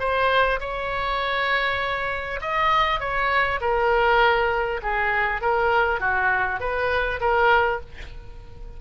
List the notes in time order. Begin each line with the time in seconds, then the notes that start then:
0.00 C5
0.60 C#5
2.42 D#5
3.00 C#5
3.61 A#4
4.83 G#4
5.42 A#4
6.00 F#4
6.61 B4
7.21 A#4